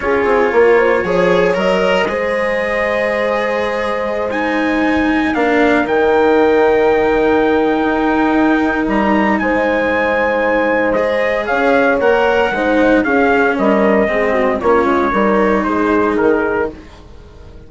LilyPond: <<
  \new Staff \with { instrumentName = "trumpet" } { \time 4/4 \tempo 4 = 115 cis''2. dis''4~ | dis''1~ | dis''16 gis''2 f''4 g''8.~ | g''1~ |
g''4 ais''4 gis''2~ | gis''4 dis''4 f''4 fis''4~ | fis''4 f''4 dis''2 | cis''2 c''4 ais'4 | }
  \new Staff \with { instrumentName = "horn" } { \time 4/4 gis'4 ais'8 c''8 cis''2 | c''1~ | c''2~ c''16 ais'4.~ ais'16~ | ais'1~ |
ais'2 c''2~ | c''2 cis''2 | c''4 gis'4 ais'4 gis'8 fis'8 | f'4 ais'4 gis'2 | }
  \new Staff \with { instrumentName = "cello" } { \time 4/4 f'2 gis'4 ais'4 | gis'1~ | gis'16 dis'2 d'4 dis'8.~ | dis'1~ |
dis'1~ | dis'4 gis'2 ais'4 | dis'4 cis'2 c'4 | cis'4 dis'2. | }
  \new Staff \with { instrumentName = "bassoon" } { \time 4/4 cis'8 c'8 ais4 f4 fis4 | gis1~ | gis2~ gis16 ais4 dis8.~ | dis2. dis'4~ |
dis'4 g4 gis2~ | gis2 cis'4 ais4 | gis4 cis'4 g4 gis4 | ais8 gis8 g4 gis4 dis4 | }
>>